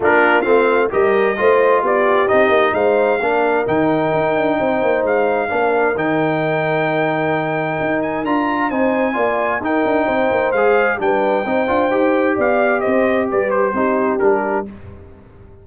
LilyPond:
<<
  \new Staff \with { instrumentName = "trumpet" } { \time 4/4 \tempo 4 = 131 ais'4 f''4 dis''2 | d''4 dis''4 f''2 | g''2. f''4~ | f''4 g''2.~ |
g''4. gis''8 ais''4 gis''4~ | gis''4 g''2 f''4 | g''2. f''4 | dis''4 d''8 c''4. ais'4 | }
  \new Staff \with { instrumentName = "horn" } { \time 4/4 f'2 ais'4 c''4 | g'2 c''4 ais'4~ | ais'2 c''2 | ais'1~ |
ais'2. c''4 | d''4 ais'4 c''2 | b'4 c''2 d''4 | c''4 b'4 g'2 | }
  \new Staff \with { instrumentName = "trombone" } { \time 4/4 d'4 c'4 g'4 f'4~ | f'4 dis'2 d'4 | dis'1 | d'4 dis'2.~ |
dis'2 f'4 dis'4 | f'4 dis'2 gis'4 | d'4 dis'8 f'8 g'2~ | g'2 dis'4 d'4 | }
  \new Staff \with { instrumentName = "tuba" } { \time 4/4 ais4 a4 g4 a4 | b4 c'8 ais8 gis4 ais4 | dis4 dis'8 d'8 c'8 ais8 gis4 | ais4 dis2.~ |
dis4 dis'4 d'4 c'4 | ais4 dis'8 d'8 c'8 ais8 gis4 | g4 c'8 d'8 dis'4 b4 | c'4 g4 c'4 g4 | }
>>